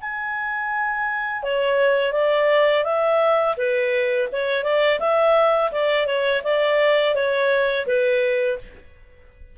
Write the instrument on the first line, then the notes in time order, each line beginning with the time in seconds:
clarinet
0.00 G#5
1.43 C#5
2.12 D5
2.84 E5
3.57 B4
4.32 C#5
4.64 D5
5.00 E5
5.72 D5
6.06 C#5
6.44 D5
7.15 C#5
7.86 B4